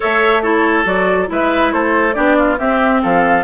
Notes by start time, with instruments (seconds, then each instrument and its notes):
0.00 bassoon A3, clarinet A4, oboe C#5, flute E5
0.42 clarinet E4, oboe A4, flute C#5
0.85 bassoon F#3, clarinet F#4, flute D5
1.26 bassoon G#3, clarinet E4, oboe B4
1.32 flute E5
1.72 bassoon A3, oboe A4, flute C5
2.13 bassoon B3, clarinet D4, oboe G4, flute D5
2.37 oboe F4
2.58 bassoon C4, clarinet C4, oboe G4, flute E5
3.02 bassoon F3, oboe A4, flute F5